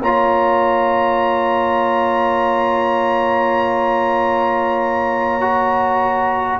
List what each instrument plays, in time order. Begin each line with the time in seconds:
0.00 tuba A#3, trombone F4, horn C#5, trumpet A#5
5.40 trombone F#4